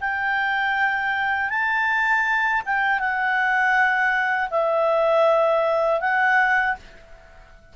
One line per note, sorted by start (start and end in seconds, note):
0.00 1.49 G5
1.49 2.62 A5
2.65 2.99 G5
2.99 4.49 F#5
4.50 6.00 E5
6.00 6.75 F#5